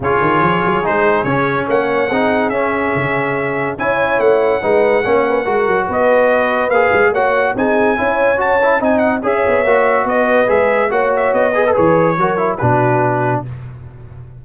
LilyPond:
<<
  \new Staff \with { instrumentName = "trumpet" } { \time 4/4 \tempo 4 = 143 cis''2 c''4 cis''4 | fis''2 e''2~ | e''4 gis''4 fis''2~ | fis''2 dis''2 |
f''4 fis''4 gis''2 | a''4 gis''8 fis''8 e''2 | dis''4 e''4 fis''8 e''8 dis''4 | cis''2 b'2 | }
  \new Staff \with { instrumentName = "horn" } { \time 4/4 gis'1 | cis''4 gis'2.~ | gis'4 cis''2 b'4 | cis''8 b'8 ais'4 b'2~ |
b'4 cis''4 gis'4 cis''4~ | cis''4 dis''4 cis''2 | b'2 cis''4. b'8~ | b'4 ais'4 fis'2 | }
  \new Staff \with { instrumentName = "trombone" } { \time 4/4 f'2 dis'4 cis'4~ | cis'4 dis'4 cis'2~ | cis'4 e'2 dis'4 | cis'4 fis'2. |
gis'4 fis'4 dis'4 e'4 | fis'8 e'8 dis'4 gis'4 fis'4~ | fis'4 gis'4 fis'4. gis'16 a'16 | gis'4 fis'8 e'8 d'2 | }
  \new Staff \with { instrumentName = "tuba" } { \time 4/4 cis8 dis8 f8 fis8 gis4 cis4 | ais4 c'4 cis'4 cis4~ | cis4 cis'4 a4 gis4 | ais4 gis8 fis8 b2 |
ais8 gis8 ais4 c'4 cis'4~ | cis'4 c'4 cis'8 b8 ais4 | b4 gis4 ais4 b4 | e4 fis4 b,2 | }
>>